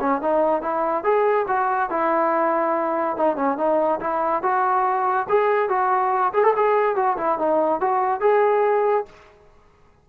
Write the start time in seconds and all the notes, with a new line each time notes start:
0.00 C#4
0.21 D#4
0.61 E4
1.04 G#4
1.48 F#4
1.89 E4
3.16 D#4
3.36 C#4
3.57 D#4
4.00 E4
4.42 F#4
5.29 G#4
5.69 F#4
6.33 G#4
6.43 A4
6.56 G#4
6.95 F#4
7.17 E4
7.38 D#4
7.80 F#4
8.20 G#4